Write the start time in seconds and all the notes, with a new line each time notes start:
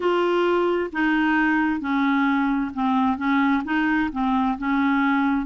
0.00 F4
0.92 D#4
1.80 C#4
2.74 C4
3.17 C#4
3.64 D#4
4.12 C4
4.58 C#4